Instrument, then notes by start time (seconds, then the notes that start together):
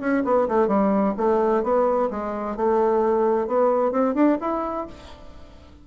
bassoon
0.00 C#4
0.25 B3
0.48 A3
0.68 G3
1.17 A3
1.63 B3
2.10 G#3
2.57 A3
3.47 B3
3.92 C4
4.15 D4
4.41 E4